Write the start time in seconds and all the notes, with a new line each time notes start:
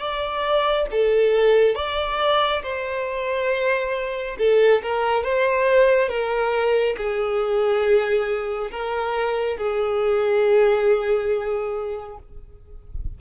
0.00 D5
0.91 A4
1.76 D5
2.63 C5
4.39 A4
4.83 A#4
5.24 C5
6.09 A#4
6.98 G#4
8.72 A#4
9.58 G#4